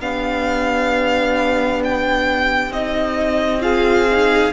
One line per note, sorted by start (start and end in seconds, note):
0.00 2.70 B3
0.00 2.73 D4
0.00 3.63 G4
0.00 1.82 F5
1.84 2.73 G5
2.70 4.52 C4
2.70 3.62 D#4
2.70 3.62 D#5
3.62 4.07 F4
3.62 4.53 G#4
3.62 4.53 F5
4.11 4.53 D#4